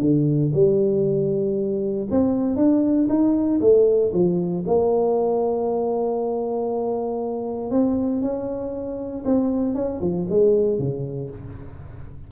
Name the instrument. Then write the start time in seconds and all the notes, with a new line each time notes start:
tuba
0.00 D3
0.54 G3
2.10 C4
2.56 D4
3.09 D#4
3.60 A3
4.13 F3
4.66 A#3
7.70 C4
8.21 C#4
9.24 C4
9.74 C#4
10.01 F3
10.29 G#3
10.78 C#3